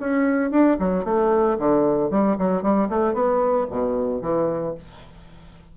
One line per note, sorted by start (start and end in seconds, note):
0.00 0.51 C#4
0.51 0.77 D4
0.79 1.04 F#3
1.04 1.57 A3
1.59 2.10 D3
2.10 2.37 G3
2.38 2.62 F#3
2.62 2.89 G3
2.89 3.14 A3
3.14 3.67 B3
3.70 4.21 B2
4.21 4.74 E3